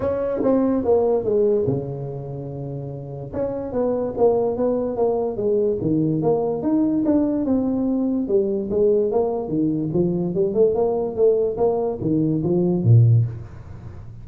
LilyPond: \new Staff \with { instrumentName = "tuba" } { \time 4/4 \tempo 4 = 145 cis'4 c'4 ais4 gis4 | cis1 | cis'4 b4 ais4 b4 | ais4 gis4 dis4 ais4 |
dis'4 d'4 c'2 | g4 gis4 ais4 dis4 | f4 g8 a8 ais4 a4 | ais4 dis4 f4 ais,4 | }